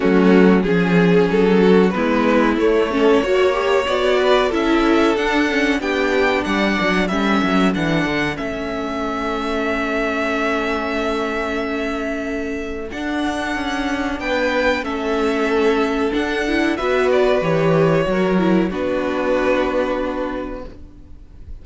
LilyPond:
<<
  \new Staff \with { instrumentName = "violin" } { \time 4/4 \tempo 4 = 93 fis'4 gis'4 a'4 b'4 | cis''2 d''4 e''4 | fis''4 g''4 fis''4 e''4 | fis''4 e''2.~ |
e''1 | fis''2 g''4 e''4~ | e''4 fis''4 e''8 d''8 cis''4~ | cis''4 b'2. | }
  \new Staff \with { instrumentName = "violin" } { \time 4/4 cis'4 gis'4. fis'8 e'4~ | e'8 a'8 cis''4. b'8 a'4~ | a'4 g'4 d''4 a'4~ | a'1~ |
a'1~ | a'2 b'4 a'4~ | a'2 b'2 | ais'4 fis'2. | }
  \new Staff \with { instrumentName = "viola" } { \time 4/4 a4 cis'2 b4 | a8 cis'8 fis'8 g'8 fis'4 e'4 | d'8 cis'8 d'2 cis'4 | d'4 cis'2.~ |
cis'1 | d'2. cis'4~ | cis'4 d'8 e'8 fis'4 g'4 | fis'8 e'8 d'2. | }
  \new Staff \with { instrumentName = "cello" } { \time 4/4 fis4 f4 fis4 gis4 | a4 ais4 b4 cis'4 | d'4 b4 g8 fis8 g8 fis8 | e8 d8 a2.~ |
a1 | d'4 cis'4 b4 a4~ | a4 d'4 b4 e4 | fis4 b2. | }
>>